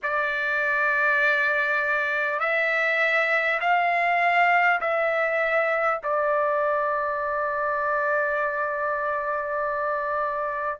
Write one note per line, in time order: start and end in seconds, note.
0.02 2.39 D5
2.39 3.59 E5
3.60 4.80 F5
4.80 6.00 E5
6.03 10.79 D5